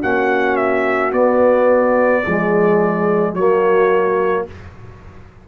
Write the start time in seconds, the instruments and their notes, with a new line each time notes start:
0.00 tuba A#3, trombone C#4, horn F#4, trumpet F#5
0.56 trumpet E5
1.12 tuba B3, trombone B3, trumpet D5
2.24 tuba F3, trombone G#3, horn G#4
3.33 tuba F#3, trombone A#3, horn F#4, trumpet C#5